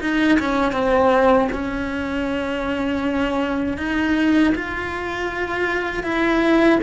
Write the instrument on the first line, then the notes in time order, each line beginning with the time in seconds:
cello
0.00 D#4
0.39 C#4
0.72 C4
1.52 C#4
3.77 D#4
4.55 F4
6.03 E4